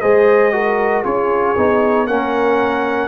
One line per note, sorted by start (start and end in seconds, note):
0.00 1.05 G#3
0.00 0.52 G#4
0.00 0.53 C5
0.00 1.03 D#5
0.52 1.03 F#4
0.52 1.03 A#4
1.03 1.56 C#4
1.03 1.55 F4
1.03 2.06 G#4
1.03 2.06 C#5
1.57 2.08 B3
1.57 2.07 D#4
2.06 3.07 A#3
2.06 3.07 C#4
2.06 3.07 A#4
2.06 3.07 F#5